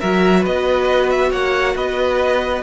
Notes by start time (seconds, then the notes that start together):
0.00 F#3 F#4 A#4 E5
0.40 B4 D#5
0.46 B3
1.10 E5
1.30 A#3 C#5 F#5
1.75 B3 B4 D#5